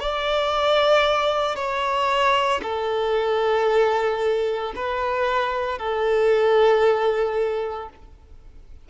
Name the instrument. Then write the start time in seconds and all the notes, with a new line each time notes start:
violin
0.00 D5
1.56 C#5
2.63 A4
4.76 B4
5.78 A4